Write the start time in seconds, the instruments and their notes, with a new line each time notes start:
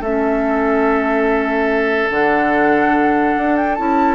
0.00 bassoon A3, clarinet C#4, oboe A4, flute E5
2.10 bassoon D3, clarinet D4, flute F#5
3.37 bassoon D4
3.57 flute G5
3.75 bassoon C#4, clarinet E4, flute A5